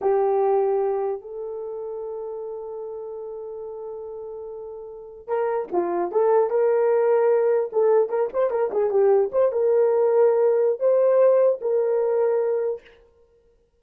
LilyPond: \new Staff \with { instrumentName = "horn" } { \time 4/4 \tempo 4 = 150 g'2. a'4~ | a'1~ | a'1~ | a'4~ a'16 ais'4 f'4 a'8.~ |
a'16 ais'2. a'8.~ | a'16 ais'8 c''8 ais'8 gis'8 g'4 c''8 ais'16~ | ais'2. c''4~ | c''4 ais'2. | }